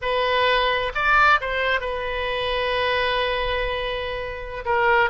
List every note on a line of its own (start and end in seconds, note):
0.01 0.92 B4
0.94 1.40 D5
1.40 1.80 C5
1.80 4.64 B4
4.65 5.10 A#4